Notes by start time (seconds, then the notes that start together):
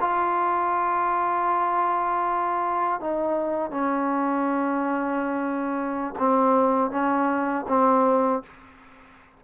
0.00 F4
3.00 D#4
3.71 C#4
6.18 C4
6.90 C#4
7.67 C4